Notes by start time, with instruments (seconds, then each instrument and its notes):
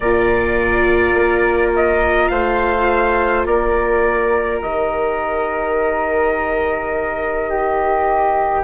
0.00 bassoon A#2, viola F4, flute A#4, trumpet D5
1.14 bassoon A#3
1.75 trumpet D#5
2.28 bassoon A3, flute C5, trumpet F5
3.45 bassoon A#3, flute A#4, trumpet D5
4.62 bassoon D#3, viola G4, trumpet D#5
7.49 flute G4